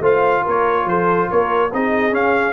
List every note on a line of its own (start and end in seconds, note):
0.00 0.42 A3
0.00 1.70 F4
0.00 0.43 C5
0.00 0.47 F5
0.43 0.85 A#3
0.43 0.85 A#4
0.43 0.88 C#5
0.85 1.27 F3
0.85 1.31 A4
0.85 1.30 C5
1.31 1.73 A#3
1.31 1.72 A#4
1.31 1.73 C#5
1.73 2.13 C4
1.73 2.11 D#4
1.73 2.53 G#4
1.73 2.14 D#5
2.11 2.53 C#4
2.11 2.53 F5